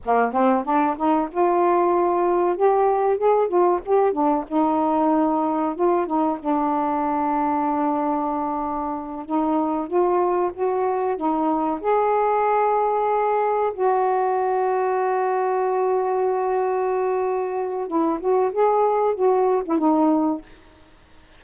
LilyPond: \new Staff \with { instrumentName = "saxophone" } { \time 4/4 \tempo 4 = 94 ais8 c'8 d'8 dis'8 f'2 | g'4 gis'8 f'8 g'8 d'8 dis'4~ | dis'4 f'8 dis'8 d'2~ | d'2~ d'8 dis'4 f'8~ |
f'8 fis'4 dis'4 gis'4.~ | gis'4. fis'2~ fis'8~ | fis'1 | e'8 fis'8 gis'4 fis'8. e'16 dis'4 | }